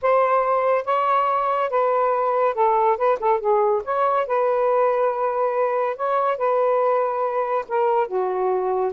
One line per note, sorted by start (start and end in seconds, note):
0.02 0.84 C5
0.84 1.69 C#5
1.69 2.54 B4
2.54 2.97 A4
2.97 3.18 B4
3.19 3.39 A4
3.39 3.82 G#4
3.84 4.26 C#5
4.26 5.96 B4
5.96 6.37 C#5
6.37 7.65 B4
7.68 8.07 A#4
8.07 8.92 F#4